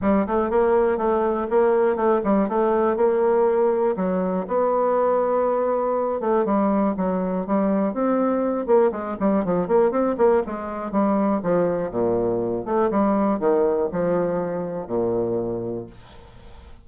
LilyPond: \new Staff \with { instrumentName = "bassoon" } { \time 4/4 \tempo 4 = 121 g8 a8 ais4 a4 ais4 | a8 g8 a4 ais2 | fis4 b2.~ | b8 a8 g4 fis4 g4 |
c'4. ais8 gis8 g8 f8 ais8 | c'8 ais8 gis4 g4 f4 | ais,4. a8 g4 dis4 | f2 ais,2 | }